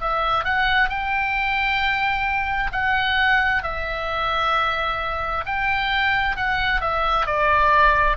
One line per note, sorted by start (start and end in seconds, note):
0.00 0.45 E5
0.45 0.90 F#5
0.90 2.71 G5
2.72 3.63 F#5
3.63 5.45 E5
5.46 6.37 G5
6.37 6.81 F#5
6.81 7.26 E5
7.26 8.17 D5